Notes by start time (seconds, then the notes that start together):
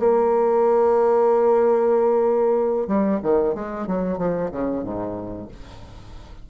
0.00 A#3
2.88 G3
3.23 D#3
3.55 G#3
3.88 F#3
4.18 F3
4.52 C#3
4.84 G#2